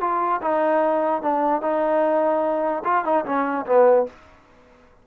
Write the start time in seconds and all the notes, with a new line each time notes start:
0.00 F4
0.41 D#4
1.22 D4
1.61 D#4
2.84 F4
3.04 D#4
3.25 C#4
3.66 B3